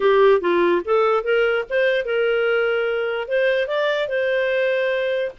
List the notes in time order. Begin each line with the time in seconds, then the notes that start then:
0.00 G4
0.41 F4
0.84 A4
1.23 A#4
1.69 C5
2.05 A#4
3.28 C5
3.67 D5
4.08 C5